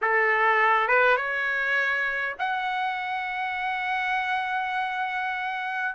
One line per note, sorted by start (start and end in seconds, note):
0.01 0.87 A4
0.87 1.16 B4
1.16 2.35 C#5
2.38 5.95 F#5